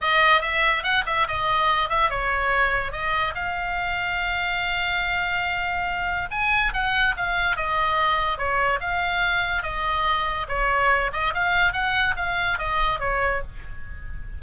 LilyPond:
\new Staff \with { instrumentName = "oboe" } { \time 4/4 \tempo 4 = 143 dis''4 e''4 fis''8 e''8 dis''4~ | dis''8 e''8 cis''2 dis''4 | f''1~ | f''2. gis''4 |
fis''4 f''4 dis''2 | cis''4 f''2 dis''4~ | dis''4 cis''4. dis''8 f''4 | fis''4 f''4 dis''4 cis''4 | }